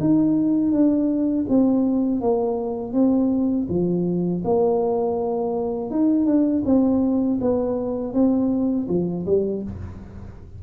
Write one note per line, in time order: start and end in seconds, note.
0.00 0.71 D#4
0.71 1.45 D4
1.49 2.21 C4
2.21 2.93 A#3
2.93 3.67 C4
3.68 4.42 F3
4.44 5.90 A#3
5.90 6.26 D#4
6.26 6.63 D4
6.65 7.39 C4
7.40 8.13 B3
8.13 8.87 C4
8.89 9.26 F3
9.26 9.63 G3